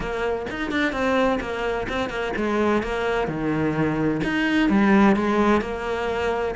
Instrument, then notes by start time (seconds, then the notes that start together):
cello
0.00 A#3
0.50 D#4
0.71 D4
0.92 C4
1.40 A#3
1.89 C4
2.09 A#3
2.36 G#3
2.82 A#3
3.27 D#3
4.23 D#4
4.69 G3
5.15 G#3
5.61 A#3